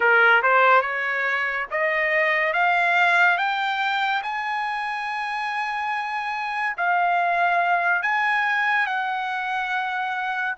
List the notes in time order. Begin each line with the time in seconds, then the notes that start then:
0.00 A#4
0.42 C5
0.81 C#5
1.71 D#5
2.53 F5
3.37 G5
4.23 G#5
6.77 F5
8.02 G#5
8.86 F#5